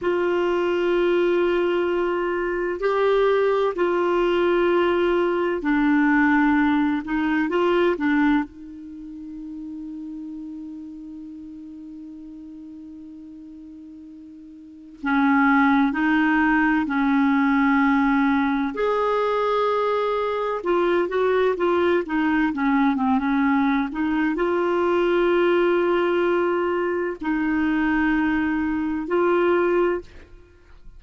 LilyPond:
\new Staff \with { instrumentName = "clarinet" } { \time 4/4 \tempo 4 = 64 f'2. g'4 | f'2 d'4. dis'8 | f'8 d'8 dis'2.~ | dis'1 |
cis'4 dis'4 cis'2 | gis'2 f'8 fis'8 f'8 dis'8 | cis'8 c'16 cis'8. dis'8 f'2~ | f'4 dis'2 f'4 | }